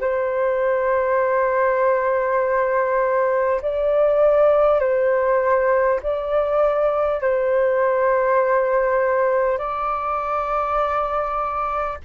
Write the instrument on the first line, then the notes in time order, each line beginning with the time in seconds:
flute
0.00 C5
3.61 D5
4.79 C5
6.02 D5
7.21 C5
9.58 D5